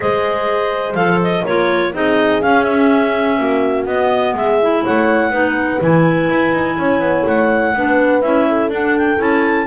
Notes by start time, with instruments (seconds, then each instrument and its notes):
0.00 double bass G#3, clarinet G#4 D#5, horn C5
0.94 double bass F3, clarinet A4 F5
1.23 clarinet D#5
1.44 double bass A#3, clarinet F4 C#5, horn A#4
1.93 double bass C4, clarinet D#4 D#5, horn G#4
2.42 clarinet C#4 F5, double bass C#4
2.63 clarinet E5
3.38 double bass A#3, horn F#4
3.85 double bass B3, clarinet B3 D#5
4.33 double bass G#3, horn G#4, clarinet E5
4.61 clarinet E4
4.83 double bass A3, horn C#5, clarinet F#5
5.30 double bass B3, clarinet D#4, horn B4
5.81 double bass E3, clarinet E4 G#5
6.29 double bass E4
6.52 double bass D#4
6.77 double bass C#4, horn C#5
6.99 double bass B3
7.26 double bass A3, clarinet F#5
7.73 double bass B3, clarinet D4, horn B4
8.21 double bass C#4, clarinet E4 E5
8.48 horn A4
8.69 double bass D4, clarinet D4 F#5
8.97 clarinet G5
9.17 double bass C#4, clarinet E4 A5